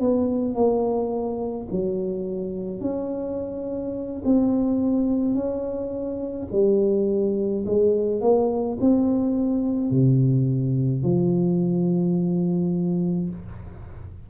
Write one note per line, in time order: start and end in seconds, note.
0.00 0.55 B3
0.55 1.68 A#3
1.71 2.81 F#3
2.81 4.22 C#4
4.25 5.35 C4
5.35 6.48 C#4
6.52 7.65 G3
7.66 8.21 G#3
8.21 8.78 A#3
8.80 9.91 C4
9.91 11.03 C3
11.03 13.30 F3